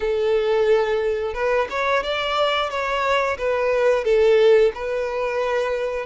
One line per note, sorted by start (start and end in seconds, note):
0.00 1.33 A4
1.33 1.67 B4
1.69 2.03 C#5
2.03 2.70 D5
2.70 3.37 C#5
3.37 4.04 B4
4.04 4.72 A4
4.74 6.06 B4